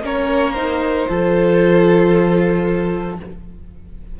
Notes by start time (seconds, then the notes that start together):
0.00 A#3 C#4 A#4 C#5
0.53 D#4 C5
1.08 F3 F4 A4